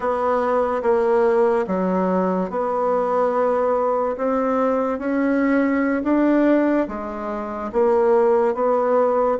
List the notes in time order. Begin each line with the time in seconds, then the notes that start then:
0.00 B3
0.82 A#3
1.67 F#3
2.50 B3
4.17 C4
4.98 C#4
6.03 D4
6.87 G#3
7.72 A#3
8.54 B3